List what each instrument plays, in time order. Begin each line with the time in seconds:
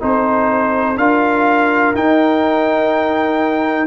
0.00 tuba C4, trombone D#4, horn A4, trumpet C5
0.97 tuba D4, trombone F4, horn A#4, trumpet F5
1.95 tuba D#4, trombone D#4, trumpet G5